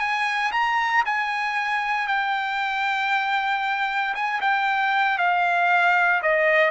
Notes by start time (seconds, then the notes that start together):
0.00 G#5
0.52 A#5
1.06 G#5
2.08 G5
4.15 G#5
4.41 G5
5.18 F5
6.23 D#5